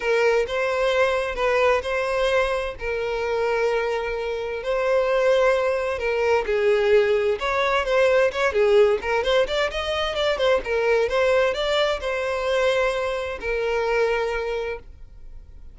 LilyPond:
\new Staff \with { instrumentName = "violin" } { \time 4/4 \tempo 4 = 130 ais'4 c''2 b'4 | c''2 ais'2~ | ais'2 c''2~ | c''4 ais'4 gis'2 |
cis''4 c''4 cis''8 gis'4 ais'8 | c''8 d''8 dis''4 d''8 c''8 ais'4 | c''4 d''4 c''2~ | c''4 ais'2. | }